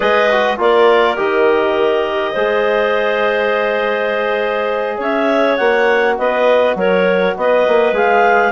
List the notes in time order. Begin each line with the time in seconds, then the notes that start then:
0.00 G#3 G#4 B4 D#5
0.31 F#4
0.58 A#3 F4 A#4 D5
1.16 D#3 G4 D#5
2.32 G#3 G#4 C5
4.97 C#4 C#5 E5
5.56 A#3 F#4 F#5
6.18 B3 B4 D#5
6.75 F#3 A#4 C#5
7.36 B3 B4 D#5
7.67 A#3
7.92 G#3 G#4 F5